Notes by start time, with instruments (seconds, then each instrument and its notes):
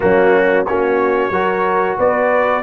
0.00 tuba F#3, trombone A#3, horn C#4, trumpet F#4
0.66 tuba A#3, trombone C#4, horn F#4, trumpet C#5
1.30 tuba F#3, trombone F#4, horn A#4
1.97 tuba B3, horn B4, trumpet D5